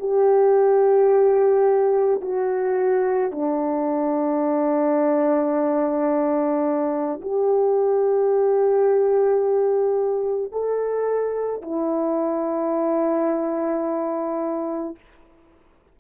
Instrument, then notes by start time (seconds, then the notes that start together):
horn
0.00 G4
2.22 F#4
3.32 D4
7.22 G4
10.53 A4
11.63 E4